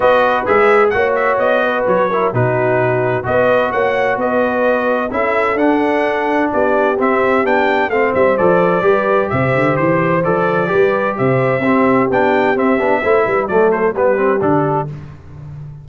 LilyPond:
<<
  \new Staff \with { instrumentName = "trumpet" } { \time 4/4 \tempo 4 = 129 dis''4 e''4 fis''8 e''8 dis''4 | cis''4 b'2 dis''4 | fis''4 dis''2 e''4 | fis''2 d''4 e''4 |
g''4 f''8 e''8 d''2 | e''4 c''4 d''2 | e''2 g''4 e''4~ | e''4 d''8 c''8 b'4 a'4 | }
  \new Staff \with { instrumentName = "horn" } { \time 4/4 b'2 cis''4. b'8~ | b'8 ais'8 fis'2 b'4 | cis''4 b'2 a'4~ | a'2 g'2~ |
g'4 c''2 b'4 | c''2. b'4 | c''4 g'2. | c''8 b'8 a'4 g'2 | }
  \new Staff \with { instrumentName = "trombone" } { \time 4/4 fis'4 gis'4 fis'2~ | fis'8 e'8 dis'2 fis'4~ | fis'2. e'4 | d'2. c'4 |
d'4 c'4 a'4 g'4~ | g'2 a'4 g'4~ | g'4 c'4 d'4 c'8 d'8 | e'4 a4 b8 c'8 d'4 | }
  \new Staff \with { instrumentName = "tuba" } { \time 4/4 b4 gis4 ais4 b4 | fis4 b,2 b4 | ais4 b2 cis'4 | d'2 b4 c'4 |
b4 a8 g8 f4 g4 | c8 d8 e4 f4 g4 | c4 c'4 b4 c'8 b8 | a8 g8 fis4 g4 d4 | }
>>